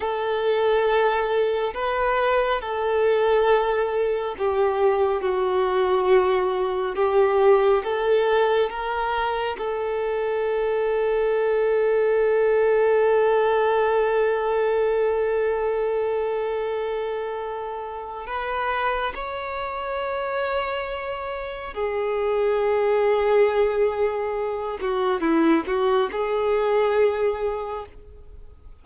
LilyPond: \new Staff \with { instrumentName = "violin" } { \time 4/4 \tempo 4 = 69 a'2 b'4 a'4~ | a'4 g'4 fis'2 | g'4 a'4 ais'4 a'4~ | a'1~ |
a'1~ | a'4 b'4 cis''2~ | cis''4 gis'2.~ | gis'8 fis'8 e'8 fis'8 gis'2 | }